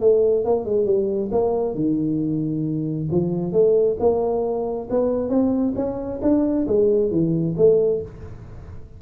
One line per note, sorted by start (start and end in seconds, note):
0.00 0.44 A3
0.44 0.65 A#3
0.65 0.85 G#3
0.85 1.29 G3
1.31 1.75 A#3
1.75 3.08 D#3
3.11 3.52 F3
3.52 3.96 A3
3.99 4.88 A#3
4.90 5.29 B3
5.29 5.73 C4
5.75 6.20 C#4
6.21 6.66 D4
6.67 7.10 G#3
7.10 7.55 E3
7.57 8.01 A3